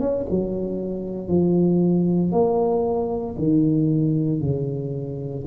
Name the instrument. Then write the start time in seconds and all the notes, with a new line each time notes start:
tuba
0.00 C#4
0.31 F#3
1.28 F3
2.32 A#3
3.39 D#3
4.42 C#3